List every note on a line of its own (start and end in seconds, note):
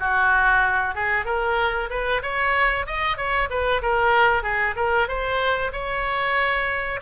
0.00 0.95 F#4
0.95 1.26 G#4
1.26 1.89 A#4
1.90 2.22 B4
2.23 2.87 C#5
2.87 3.17 D#5
3.17 3.49 C#5
3.50 3.82 B4
3.82 4.43 A#4
4.43 4.75 G#4
4.76 5.08 A#4
5.08 5.72 C5
5.73 7.00 C#5